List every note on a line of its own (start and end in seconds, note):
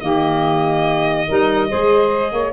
0.00 1.28 D#3
0.00 1.27 A#3
0.00 1.27 G4
0.00 2.52 D#5
1.27 1.73 G3
1.27 1.69 D#4
1.27 1.69 A#4
1.69 2.33 G#3
1.69 2.53 G#4
1.69 2.32 C5
2.32 2.53 A#3
2.32 2.53 C#5